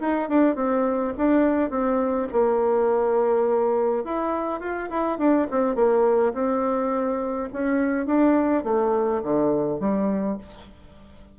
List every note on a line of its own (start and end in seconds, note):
0.00 0.29 D#4
0.29 0.55 D4
0.55 1.13 C4
1.17 1.70 D4
1.70 2.28 C4
2.32 4.04 A#3
4.04 4.60 E4
4.60 4.89 F4
4.90 5.18 E4
5.18 5.47 D4
5.50 5.75 C4
5.75 6.33 A#3
6.33 7.49 C4
7.53 8.06 C#4
8.06 8.64 D4
8.64 9.22 A3
9.23 9.80 D3
9.80 10.37 G3